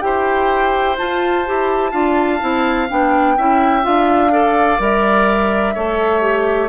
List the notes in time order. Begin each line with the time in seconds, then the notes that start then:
0.00 E4 G4 C5 G5
0.97 F4 A5
1.45 E4 G4
1.91 D4 F4 F5
2.40 C4 E4
2.89 B3 D4 G5
3.37 C#4 E4 E5
3.82 D4 F4 F5
4.30 A4 D5
4.78 G3 A#4 E5
5.74 A3 A4 C#5
6.20 G4